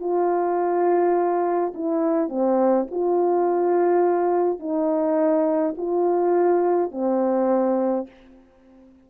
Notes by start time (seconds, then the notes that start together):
0.00 F4
1.74 E4
2.29 C4
2.91 F4
4.60 D#4
5.77 F4
6.92 C4